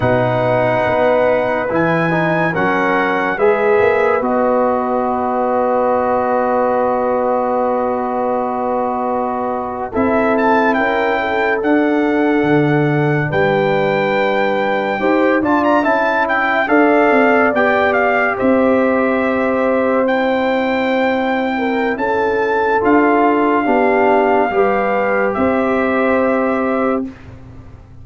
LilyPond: <<
  \new Staff \with { instrumentName = "trumpet" } { \time 4/4 \tempo 4 = 71 fis''2 gis''4 fis''4 | e''4 dis''2.~ | dis''2.~ dis''8. e''16~ | e''16 a''8 g''4 fis''2 g''16~ |
g''2~ g''16 a''16 ais''16 a''8 g''8 f''16~ | f''8. g''8 f''8 e''2 g''16~ | g''2 a''4 f''4~ | f''2 e''2 | }
  \new Staff \with { instrumentName = "horn" } { \time 4/4 b'2. ais'4 | b'1~ | b'2.~ b'8. a'16~ | a'8. ais'8 a'2~ a'8 b'16~ |
b'4.~ b'16 c''8 d''8 e''4 d''16~ | d''4.~ d''16 c''2~ c''16~ | c''4. ais'8 a'2 | g'4 b'4 c''2 | }
  \new Staff \with { instrumentName = "trombone" } { \time 4/4 dis'2 e'8 dis'8 cis'4 | gis'4 fis'2.~ | fis'2.~ fis'8. e'16~ | e'4.~ e'16 d'2~ d'16~ |
d'4.~ d'16 g'8 f'8 e'4 a'16~ | a'8. g'2. e'16~ | e'2. f'4 | d'4 g'2. | }
  \new Staff \with { instrumentName = "tuba" } { \time 4/4 b,4 b4 e4 fis4 | gis8 ais8 b2.~ | b2.~ b8. c'16~ | c'8. cis'4 d'4 d4 g16~ |
g4.~ g16 dis'8 d'8 cis'4 d'16~ | d'16 c'8 b4 c'2~ c'16~ | c'2 cis'4 d'4 | b4 g4 c'2 | }
>>